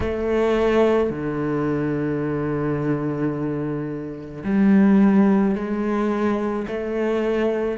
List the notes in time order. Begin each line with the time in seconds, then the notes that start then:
0.00 A3
1.10 D3
4.43 G3
5.55 G#3
6.67 A3